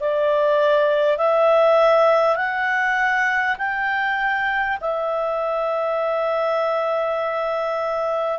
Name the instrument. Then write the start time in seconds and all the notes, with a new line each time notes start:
clarinet
0.00 D5
1.18 E5
2.36 F#5
3.58 G5
4.81 E5